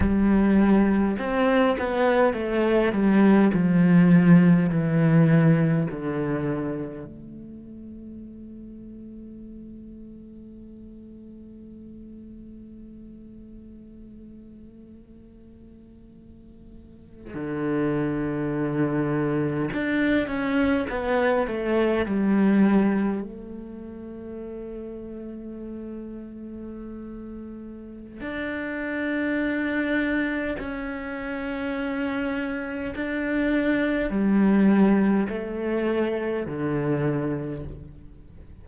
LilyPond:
\new Staff \with { instrumentName = "cello" } { \time 4/4 \tempo 4 = 51 g4 c'8 b8 a8 g8 f4 | e4 d4 a2~ | a1~ | a2~ a8. d4~ d16~ |
d8. d'8 cis'8 b8 a8 g4 a16~ | a1 | d'2 cis'2 | d'4 g4 a4 d4 | }